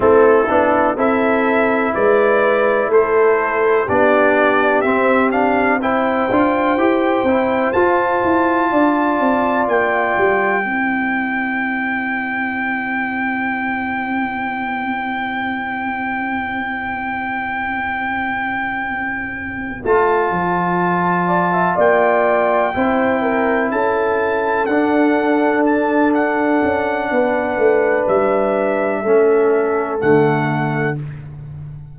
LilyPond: <<
  \new Staff \with { instrumentName = "trumpet" } { \time 4/4 \tempo 4 = 62 a'4 e''4 d''4 c''4 | d''4 e''8 f''8 g''2 | a''2 g''2~ | g''1~ |
g''1~ | g''8 a''2 g''4.~ | g''8 a''4 fis''4 a''8 fis''4~ | fis''4 e''2 fis''4 | }
  \new Staff \with { instrumentName = "horn" } { \time 4/4 e'4 a'4 b'4 a'4 | g'2 c''2~ | c''4 d''2 c''4~ | c''1~ |
c''1~ | c''2 d''16 e''16 d''4 c''8 | ais'8 a'2.~ a'8 | b'2 a'2 | }
  \new Staff \with { instrumentName = "trombone" } { \time 4/4 c'8 d'8 e'2. | d'4 c'8 d'8 e'8 f'8 g'8 e'8 | f'2. e'4~ | e'1~ |
e'1~ | e'8 f'2. e'8~ | e'4. d'2~ d'8~ | d'2 cis'4 a4 | }
  \new Staff \with { instrumentName = "tuba" } { \time 4/4 a8 b8 c'4 gis4 a4 | b4 c'4. d'8 e'8 c'8 | f'8 e'8 d'8 c'8 ais8 g8 c'4~ | c'1~ |
c'1~ | c'8 a8 f4. ais4 c'8~ | c'8 cis'4 d'2 cis'8 | b8 a8 g4 a4 d4 | }
>>